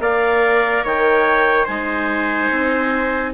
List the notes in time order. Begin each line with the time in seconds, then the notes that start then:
0.00 A#3 A#4 D5 F5
0.84 D#3 C#5 G5
1.64 G#3 D#4 C5 G#5
2.51 C4